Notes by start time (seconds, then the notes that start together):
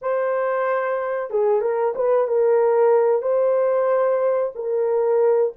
0.01 C5
1.30 G#4
1.61 A#4
1.95 B4
2.27 A#4
3.21 C5
4.55 A#4